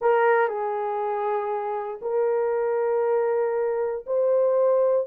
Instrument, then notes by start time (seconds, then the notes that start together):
horn
0.01 A#4
0.47 G#4
2.01 A#4
4.06 C5